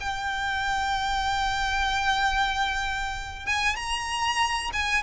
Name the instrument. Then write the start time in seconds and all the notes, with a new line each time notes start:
violin
0.00 G5
3.46 G#5
3.76 A#5
4.73 G#5